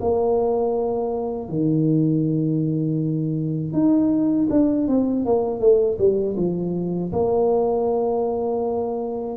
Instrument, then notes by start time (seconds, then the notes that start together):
tuba
0.00 A#3
1.49 D#3
3.73 D#4
4.50 D4
4.88 C4
5.25 A#3
5.59 A3
5.98 G3
6.36 F3
7.12 A#3